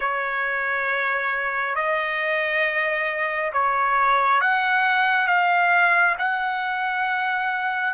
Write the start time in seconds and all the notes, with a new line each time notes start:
0.00 C#5
1.74 D#5
3.53 C#5
4.40 F#5
5.27 F5
6.18 F#5